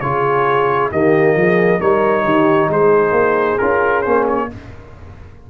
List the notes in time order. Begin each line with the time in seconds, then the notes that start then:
0.00 C#3 F4 G#4 C#5
0.92 D#3 A#3 G4 D#5
1.35 F3 G#4
1.79 G3 D#4 A#4 C#5
2.24 D#3 G4
2.69 G#3 G#4 C5
3.12 A#3
3.58 C#4 F4 A#4
4.02 A#3 C#4 C5
4.28 C#5